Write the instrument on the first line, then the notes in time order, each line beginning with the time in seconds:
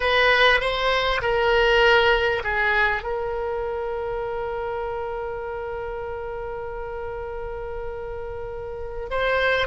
oboe
0.00 B4
0.60 C5
1.21 A#4
2.43 G#4
3.02 A#4
9.10 C5